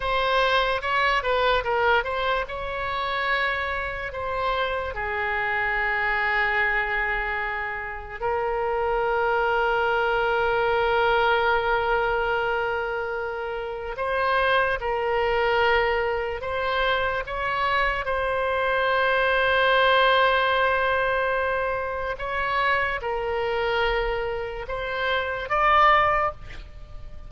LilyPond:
\new Staff \with { instrumentName = "oboe" } { \time 4/4 \tempo 4 = 73 c''4 cis''8 b'8 ais'8 c''8 cis''4~ | cis''4 c''4 gis'2~ | gis'2 ais'2~ | ais'1~ |
ais'4 c''4 ais'2 | c''4 cis''4 c''2~ | c''2. cis''4 | ais'2 c''4 d''4 | }